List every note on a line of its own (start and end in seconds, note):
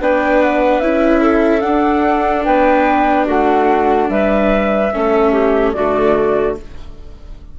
0.00 0.80 B3
0.00 0.82 D4
0.00 1.22 B4
0.00 0.42 G5
0.42 0.80 F#5
0.80 1.63 C#4
0.80 1.61 E4
0.80 1.61 E5
1.22 2.45 A4
1.61 4.90 D4
1.61 2.46 D4
1.61 2.43 F#5
2.44 3.27 B3
2.44 3.26 B4
2.44 3.26 G5
3.26 4.09 A3
3.26 4.09 F#4
3.26 4.10 F#5
4.09 4.91 G3
4.09 4.93 B4
4.09 5.73 E5
4.93 5.76 A3
4.93 5.75 C#4
4.93 5.32 A4
5.32 5.73 G4
5.73 6.58 D3
5.73 6.59 A3
5.73 6.56 F#4
5.73 6.55 D5